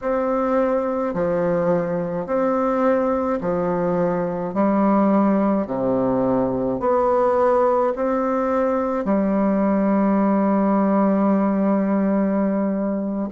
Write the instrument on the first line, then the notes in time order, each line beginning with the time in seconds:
bassoon
0.01 C4
1.13 F3
2.26 C4
3.40 F3
4.54 G3
5.66 C3
6.79 B3
7.95 C4
9.04 G3